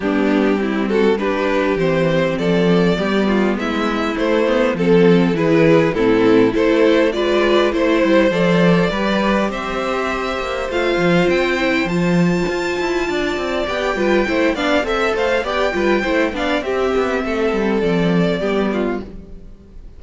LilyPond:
<<
  \new Staff \with { instrumentName = "violin" } { \time 4/4 \tempo 4 = 101 g'4. a'8 b'4 c''4 | d''2 e''4 c''4 | a'4 b'4 a'4 c''4 | d''4 c''4 d''2 |
e''2 f''4 g''4 | a''2. g''4~ | g''8 f''8 e''8 f''8 g''4. f''8 | e''2 d''2 | }
  \new Staff \with { instrumentName = "violin" } { \time 4/4 d'4 e'8 fis'8 g'2 | a'4 g'8 f'8 e'2 | a'4 gis'4 e'4 a'4 | b'4 c''2 b'4 |
c''1~ | c''2 d''4. b'8 | c''8 d''8 e''8 c''8 d''8 b'8 c''8 d''8 | g'4 a'2 g'8 f'8 | }
  \new Staff \with { instrumentName = "viola" } { \time 4/4 b4 c'4 d'4 c'4~ | c'4 b2 a8 b8 | c'4 e'4 c'4 e'4 | f'4 e'4 a'4 g'4~ |
g'2 f'4. e'8 | f'2. g'8 f'8 | e'8 d'8 a'4 g'8 f'8 e'8 d'8 | c'2. b4 | }
  \new Staff \with { instrumentName = "cello" } { \time 4/4 g2. e4 | f4 g4 gis4 a4 | f4 e4 a,4 a4 | gis4 a8 g8 f4 g4 |
c'4. ais8 a8 f8 c'4 | f4 f'8 e'8 d'8 c'8 b8 g8 | a8 b8 c'8 a8 b8 g8 a8 b8 | c'8 b8 a8 g8 f4 g4 | }
>>